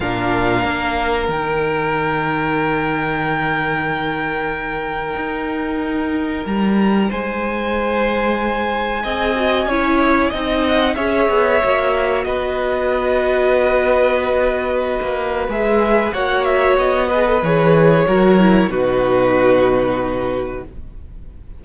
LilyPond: <<
  \new Staff \with { instrumentName = "violin" } { \time 4/4 \tempo 4 = 93 f''2 g''2~ | g''1~ | g''2 ais''4 gis''4~ | gis''1~ |
gis''8 fis''8 e''2 dis''4~ | dis''1 | e''4 fis''8 e''8 dis''4 cis''4~ | cis''4 b'2. | }
  \new Staff \with { instrumentName = "violin" } { \time 4/4 ais'1~ | ais'1~ | ais'2. c''4~ | c''2 dis''4 cis''4 |
dis''4 cis''2 b'4~ | b'1~ | b'4 cis''4. b'4. | ais'4 fis'2. | }
  \new Staff \with { instrumentName = "viola" } { \time 4/4 d'2 dis'2~ | dis'1~ | dis'1~ | dis'2 gis'8 fis'8 e'4 |
dis'4 gis'4 fis'2~ | fis'1 | gis'4 fis'4. gis'16 a'16 gis'4 | fis'8 e'8 dis'2. | }
  \new Staff \with { instrumentName = "cello" } { \time 4/4 ais,4 ais4 dis2~ | dis1 | dis'2 g4 gis4~ | gis2 c'4 cis'4 |
c'4 cis'8 b8 ais4 b4~ | b2.~ b16 ais8. | gis4 ais4 b4 e4 | fis4 b,2. | }
>>